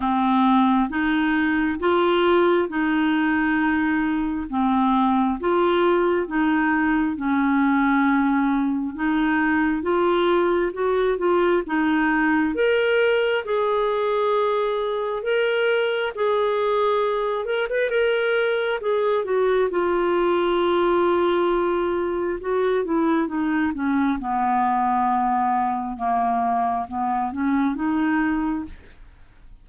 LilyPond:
\new Staff \with { instrumentName = "clarinet" } { \time 4/4 \tempo 4 = 67 c'4 dis'4 f'4 dis'4~ | dis'4 c'4 f'4 dis'4 | cis'2 dis'4 f'4 | fis'8 f'8 dis'4 ais'4 gis'4~ |
gis'4 ais'4 gis'4. ais'16 b'16 | ais'4 gis'8 fis'8 f'2~ | f'4 fis'8 e'8 dis'8 cis'8 b4~ | b4 ais4 b8 cis'8 dis'4 | }